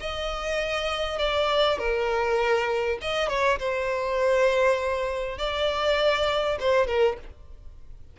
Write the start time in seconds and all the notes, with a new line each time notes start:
0.00 D#5
1.19 D5
1.79 A#4
3.02 D#5
3.29 C#5
3.59 C5
5.38 D5
6.60 C5
6.87 A#4